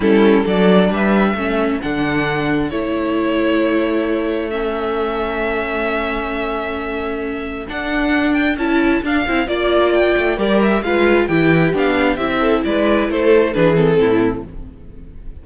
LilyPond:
<<
  \new Staff \with { instrumentName = "violin" } { \time 4/4 \tempo 4 = 133 a'4 d''4 e''2 | fis''2 cis''2~ | cis''2 e''2~ | e''1~ |
e''4 fis''4. g''8 a''4 | f''4 d''4 g''4 d''8 e''8 | f''4 g''4 f''4 e''4 | d''4 c''4 b'8 a'4. | }
  \new Staff \with { instrumentName = "violin" } { \time 4/4 e'4 a'4 b'4 a'4~ | a'1~ | a'1~ | a'1~ |
a'1~ | a'4 d''2 ais'4 | b'4 g'2~ g'8 a'8 | b'4 a'4 gis'4 e'4 | }
  \new Staff \with { instrumentName = "viola" } { \time 4/4 cis'4 d'2 cis'4 | d'2 e'2~ | e'2 cis'2~ | cis'1~ |
cis'4 d'2 e'4 | d'8 e'8 f'2 g'4 | f'4 e'4 d'4 e'4~ | e'2 d'8 c'4. | }
  \new Staff \with { instrumentName = "cello" } { \time 4/4 g4 fis4 g4 a4 | d2 a2~ | a1~ | a1~ |
a4 d'2 cis'4 | d'8 c'8 ais4. a8 g4 | gis4 e4 b4 c'4 | gis4 a4 e4 a,4 | }
>>